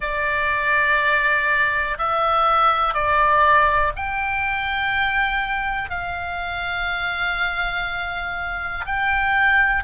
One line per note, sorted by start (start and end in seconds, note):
0.00 1.97 D5
1.98 2.93 E5
2.93 3.92 D5
3.96 5.90 G5
5.90 8.85 F5
8.85 9.83 G5